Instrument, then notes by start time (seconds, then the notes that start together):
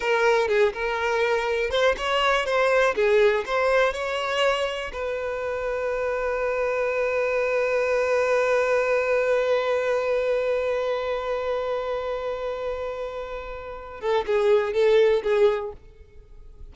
violin
0.00 A#4
0.48 G#4
0.73 A#4
1.70 C5
1.97 C#5
2.45 C5
2.95 G#4
3.46 C5
3.93 C#5
4.92 B4
14.00 A4
14.26 G#4
14.73 A4
15.23 G#4